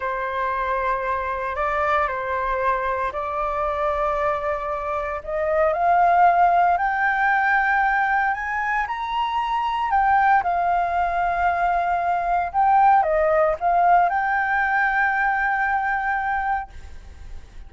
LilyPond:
\new Staff \with { instrumentName = "flute" } { \time 4/4 \tempo 4 = 115 c''2. d''4 | c''2 d''2~ | d''2 dis''4 f''4~ | f''4 g''2. |
gis''4 ais''2 g''4 | f''1 | g''4 dis''4 f''4 g''4~ | g''1 | }